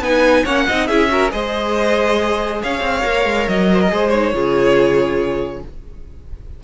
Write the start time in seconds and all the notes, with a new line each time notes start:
0.00 B3 D#4 B4 G#5
0.44 A#3 C#4 C#5 F#5
0.67 C4 D#4 D#5
0.87 C#4 E4 G#4 E5
1.08 F#4 A#4
1.30 G#3 G#4 C5 D#5
2.62 C#4 C#5 F5
2.81 C4
3.03 A#3 A#4
3.25 G#3
3.48 F#3 D#5
3.73 C5
3.81 A#4
3.89 G#3 G#4 C5
4.10 D#4 C#5
4.33 C#3 F4 G#4